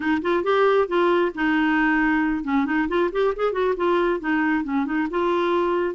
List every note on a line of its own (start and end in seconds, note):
0.00 0.21 D#4
0.22 0.43 F4
0.43 0.87 G4
0.87 1.32 F4
1.34 2.44 D#4
2.44 2.65 C#4
2.65 2.87 D#4
2.88 3.10 F4
3.12 3.34 G4
3.35 3.52 G#4
3.52 3.74 F#4
3.76 4.20 F4
4.20 4.63 D#4
4.63 4.85 C#4
4.85 5.07 D#4
5.10 5.94 F4